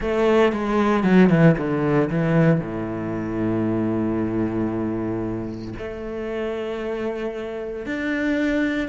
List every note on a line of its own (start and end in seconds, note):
0.00 0.52 A3
0.52 1.03 G#3
1.03 1.29 F#3
1.29 1.55 E3
1.57 2.09 D3
2.09 2.60 E3
2.60 5.73 A2
5.78 7.85 A3
7.85 8.88 D4